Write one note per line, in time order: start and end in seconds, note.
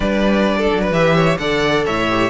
0.00 0.68 G3
0.00 0.91 D4
0.00 0.57 B4
0.00 0.92 D5
0.57 0.81 A4
0.73 0.90 F#3
0.81 1.15 B4
0.90 1.37 E3
0.90 1.38 G4
0.90 1.37 E5
1.15 1.38 C#5
1.37 1.85 D3
1.37 2.09 A4
1.37 1.85 D5
1.37 1.84 F#5
1.85 2.30 A2
1.85 2.30 C#5
1.85 2.30 E5
2.09 2.30 G4